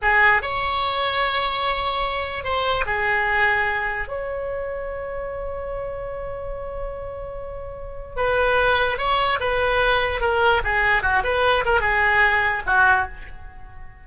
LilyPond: \new Staff \with { instrumentName = "oboe" } { \time 4/4 \tempo 4 = 147 gis'4 cis''2.~ | cis''2 c''4 gis'4~ | gis'2 cis''2~ | cis''1~ |
cis''1 | b'2 cis''4 b'4~ | b'4 ais'4 gis'4 fis'8 b'8~ | b'8 ais'8 gis'2 fis'4 | }